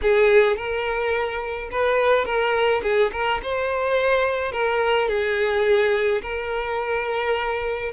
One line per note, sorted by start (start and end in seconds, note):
0.02 0.56 G#4
0.56 1.69 A#4
1.71 2.25 B4
2.25 2.81 A#4
2.83 3.11 G#4
3.12 3.40 A#4
3.42 4.52 C5
4.52 5.08 A#4
5.08 6.21 G#4
6.22 7.91 A#4